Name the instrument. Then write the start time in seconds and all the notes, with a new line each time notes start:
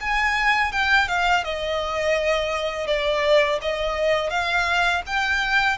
violin
0.00 G#5
0.72 G5
1.07 F5
1.44 D#5
2.87 D5
3.61 D#5
4.29 F5
5.06 G5